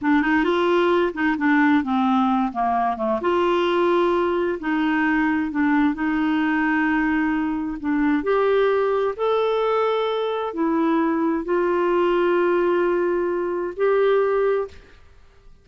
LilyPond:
\new Staff \with { instrumentName = "clarinet" } { \time 4/4 \tempo 4 = 131 d'8 dis'8 f'4. dis'8 d'4 | c'4. ais4 a8 f'4~ | f'2 dis'2 | d'4 dis'2.~ |
dis'4 d'4 g'2 | a'2. e'4~ | e'4 f'2.~ | f'2 g'2 | }